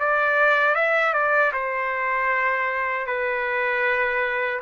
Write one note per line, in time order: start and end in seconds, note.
0.00 0.75 D5
0.75 1.14 E5
1.14 1.52 D5
1.53 3.07 C5
3.07 4.61 B4